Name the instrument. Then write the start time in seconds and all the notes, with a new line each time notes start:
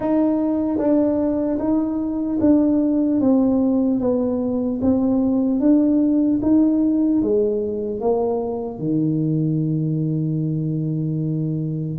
tuba
0.00 D#4
0.78 D4
1.59 D#4
2.40 D4
3.20 C4
4.00 B3
4.81 C4
5.60 D4
6.41 D#4
7.21 G#3
8.00 A#3
8.79 D#3